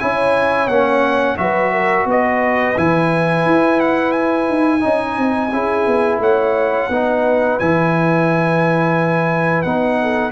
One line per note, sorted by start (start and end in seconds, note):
0.00 0.68 C#4
0.00 0.69 E4
0.00 1.40 C#5
0.00 0.68 G#5
0.68 1.36 A#3
0.68 1.38 C#4
0.68 1.37 F#5
1.38 2.05 F#3
1.38 2.76 F#4
1.38 1.73 B4
1.38 2.07 E5
1.73 2.07 A#4
2.05 2.74 B3
2.05 4.83 B4
2.05 2.79 D#5
2.77 3.46 E3
2.77 4.81 E4
2.77 3.81 G#5
3.46 4.50 E4
3.81 4.12 F#5
4.12 6.19 G#5
4.50 4.84 D#4
4.81 5.18 C#4
4.81 5.50 D#4
4.81 5.52 D#5
5.18 5.52 C4
5.52 5.87 C#4
5.52 6.91 E4
5.52 6.21 G#4
5.87 6.20 B3
6.20 6.89 A3
6.20 6.90 C#5
6.20 7.59 F#5
6.90 7.58 B3
6.90 7.61 D#4
6.90 10.02 B4
7.59 9.65 E3
7.59 9.66 E4
7.59 9.63 G#5
9.63 10.32 B3
9.63 10.32 D#4
9.63 10.32 F#5
10.02 10.32 A4